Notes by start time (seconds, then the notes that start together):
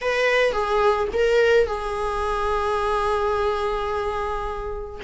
0.01 B4
0.52 G#4
1.13 A#4
1.67 G#4